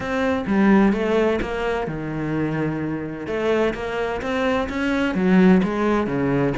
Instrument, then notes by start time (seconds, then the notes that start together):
cello
0.00 C4
0.47 G3
0.92 A3
1.41 A#3
1.87 D#3
3.26 A3
3.74 A#3
4.21 C4
4.69 C#4
5.14 F#3
5.63 G#3
6.06 C#3